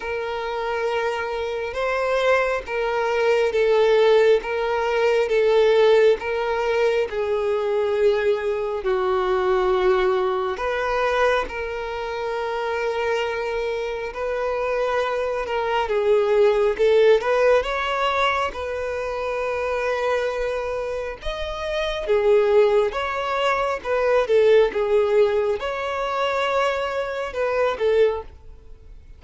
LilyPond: \new Staff \with { instrumentName = "violin" } { \time 4/4 \tempo 4 = 68 ais'2 c''4 ais'4 | a'4 ais'4 a'4 ais'4 | gis'2 fis'2 | b'4 ais'2. |
b'4. ais'8 gis'4 a'8 b'8 | cis''4 b'2. | dis''4 gis'4 cis''4 b'8 a'8 | gis'4 cis''2 b'8 a'8 | }